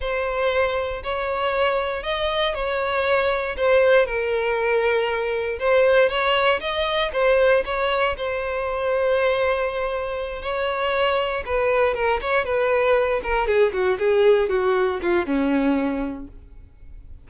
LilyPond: \new Staff \with { instrumentName = "violin" } { \time 4/4 \tempo 4 = 118 c''2 cis''2 | dis''4 cis''2 c''4 | ais'2. c''4 | cis''4 dis''4 c''4 cis''4 |
c''1~ | c''8 cis''2 b'4 ais'8 | cis''8 b'4. ais'8 gis'8 fis'8 gis'8~ | gis'8 fis'4 f'8 cis'2 | }